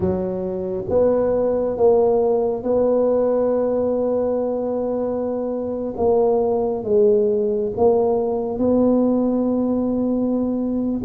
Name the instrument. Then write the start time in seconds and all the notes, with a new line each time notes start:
tuba
0.00 F#3
0.89 B3
1.76 A#3
2.63 B3
5.96 A#3
6.84 G#3
7.76 A#3
8.58 B3